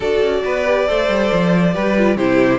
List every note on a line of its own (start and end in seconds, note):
0.00 0.20 D4
0.00 0.65 F#4
0.00 0.42 A4
0.00 2.17 D5
0.21 0.42 C#4
0.44 0.88 B3
0.44 0.88 B4
0.65 0.87 G4
0.87 1.09 A3
0.87 1.73 A4
0.87 1.73 C5
1.09 1.30 G3
1.32 1.75 F3
1.73 2.16 G3
1.73 1.95 G4
1.73 2.17 B4
1.98 2.17 F4
2.16 2.59 C3
2.16 2.59 E4
2.16 2.59 G4
2.16 2.59 C5